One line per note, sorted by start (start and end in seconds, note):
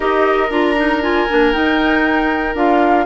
0.00 0.50 D#4
0.00 0.49 G4
0.00 3.05 A#4
0.00 0.50 D#5
0.50 1.27 D4
0.50 0.75 F4
0.50 1.01 A#5
0.77 1.02 D#4
1.02 1.27 F4
1.02 1.53 G#5
1.29 1.54 A#3
1.29 1.52 D4
1.52 2.54 D#4
1.52 2.55 D#4
1.52 2.55 G5
2.54 3.06 D4
2.54 3.06 F4
2.54 3.06 F5